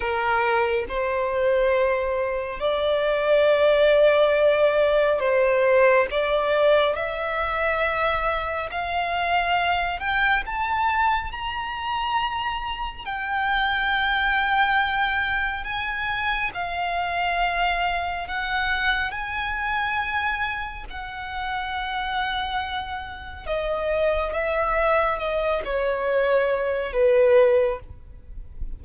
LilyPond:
\new Staff \with { instrumentName = "violin" } { \time 4/4 \tempo 4 = 69 ais'4 c''2 d''4~ | d''2 c''4 d''4 | e''2 f''4. g''8 | a''4 ais''2 g''4~ |
g''2 gis''4 f''4~ | f''4 fis''4 gis''2 | fis''2. dis''4 | e''4 dis''8 cis''4. b'4 | }